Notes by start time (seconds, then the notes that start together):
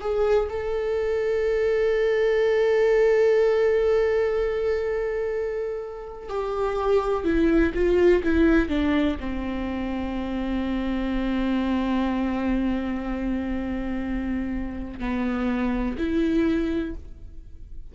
0.00 G#4
0.49 A4
6.29 G4
7.24 E4
7.74 F4
8.23 E4
8.69 D4
9.20 C4
15.00 B3
15.98 E4